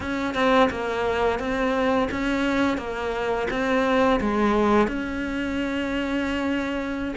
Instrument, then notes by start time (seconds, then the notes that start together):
cello
0.00 C#4
0.34 C4
0.70 A#3
1.39 C4
2.11 C#4
2.77 A#3
3.50 C4
4.20 G#3
4.87 C#4